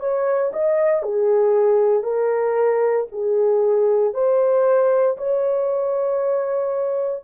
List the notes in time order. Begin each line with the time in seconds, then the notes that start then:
0.00 C#5
0.53 D#5
1.03 G#4
2.03 A#4
3.12 G#4
4.14 C5
5.18 C#5